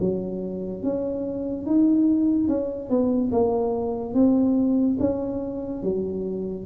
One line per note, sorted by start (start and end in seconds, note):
0.00 0.83 F#3
0.83 1.66 C#4
1.66 2.48 D#4
2.48 2.89 C#4
2.89 3.31 B3
3.31 4.14 A#3
4.14 4.97 C4
5.00 5.82 C#4
5.82 6.65 F#3